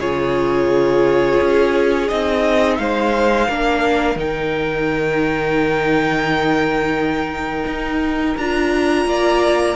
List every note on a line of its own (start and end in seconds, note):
0.00 1.40 C#3
0.00 2.09 F4
0.00 2.79 G#4
0.00 2.08 C#5
1.41 2.11 C#4
2.08 2.79 C4
2.08 3.48 D#4
2.08 2.78 D#5
2.78 3.48 G#3
2.78 3.48 C5
2.78 4.18 F5
3.48 4.16 A#3
3.48 4.17 D4
3.48 9.06 A#4
4.16 7.65 D#3
4.16 8.36 D#4
4.16 8.38 G5
7.66 8.36 D#4
8.38 9.06 D4
8.38 9.76 F4
8.38 9.76 A#5
9.06 9.75 A#3
9.06 9.76 D5